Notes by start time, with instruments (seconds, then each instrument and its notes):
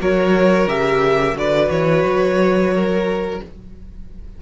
0.00 cello F#3, viola F#4, violin A#4 C#5
0.67 cello C#3, viola G4, violin E5
1.35 cello D3, viola F#4, violin B4 D5
1.70 cello E3, violin C#5
2.04 cello F#3
2.74 violin A#4